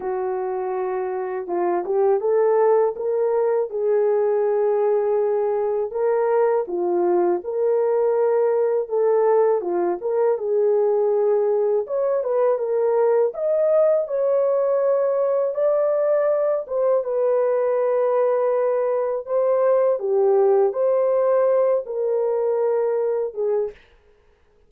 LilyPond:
\new Staff \with { instrumentName = "horn" } { \time 4/4 \tempo 4 = 81 fis'2 f'8 g'8 a'4 | ais'4 gis'2. | ais'4 f'4 ais'2 | a'4 f'8 ais'8 gis'2 |
cis''8 b'8 ais'4 dis''4 cis''4~ | cis''4 d''4. c''8 b'4~ | b'2 c''4 g'4 | c''4. ais'2 gis'8 | }